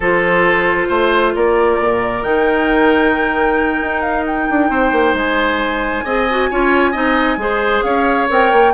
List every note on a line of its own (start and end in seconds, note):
0.00 0.88 F3
0.00 2.23 F4
0.00 0.88 A4
0.00 1.36 C5
0.88 1.34 A3
0.88 1.33 C5
1.35 1.80 A#3
1.35 4.70 A#4
1.35 2.23 D5
1.80 2.23 A#2
2.23 3.80 D#3
2.23 6.04 D#4
2.23 4.01 G5
3.81 4.48 D#4
4.01 4.24 F5
4.25 5.15 G5
4.49 4.69 D4
4.69 4.91 C4
4.69 6.04 C5
4.92 5.13 A#3
5.13 6.03 G#3
5.13 7.82 G#5
6.04 6.49 C4
6.04 6.28 G#4
6.04 6.49 D#5
6.30 6.51 F#4
6.50 6.94 C#4
6.50 6.93 F4
6.50 6.91 C#5
6.91 7.37 C4
6.91 7.38 D#4
6.91 7.36 D#5
7.37 7.81 G#3
7.37 8.27 G#4
7.37 7.84 C5
7.82 8.28 C#4
7.82 8.73 C#5
7.82 8.27 F5
8.29 8.52 C4
8.29 8.73 A#4
8.29 8.73 G5
8.52 8.73 A#3